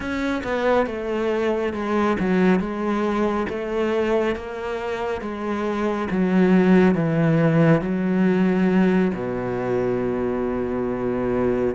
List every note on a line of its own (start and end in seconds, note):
0.00 0.42 C#4
0.43 0.86 B3
0.86 1.73 A3
1.73 2.16 G#3
2.19 2.59 F#3
2.59 3.46 G#3
3.49 4.35 A3
4.35 5.21 A#3
5.21 6.08 G#3
6.10 6.94 F#3
6.94 7.81 E3
7.81 9.11 F#3
9.13 11.74 B2